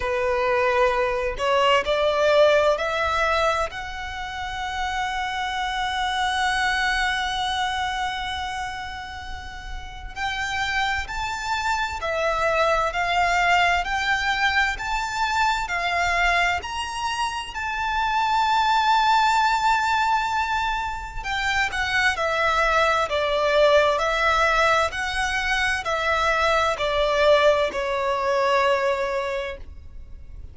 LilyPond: \new Staff \with { instrumentName = "violin" } { \time 4/4 \tempo 4 = 65 b'4. cis''8 d''4 e''4 | fis''1~ | fis''2. g''4 | a''4 e''4 f''4 g''4 |
a''4 f''4 ais''4 a''4~ | a''2. g''8 fis''8 | e''4 d''4 e''4 fis''4 | e''4 d''4 cis''2 | }